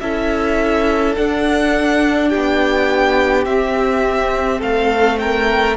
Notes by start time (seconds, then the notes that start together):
0.00 C#4 E4 A4 E5
1.16 D4 F#5
2.29 G4 G5
2.35 B3
3.44 C4 E5
4.59 A3 A4 F5
5.19 A#4 G5